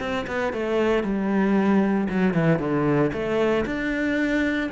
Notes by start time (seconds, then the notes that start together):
0.00 C4
0.27 B3
0.53 A3
1.03 G3
2.09 F#3
2.34 E3
2.59 D3
3.13 A3
3.66 D4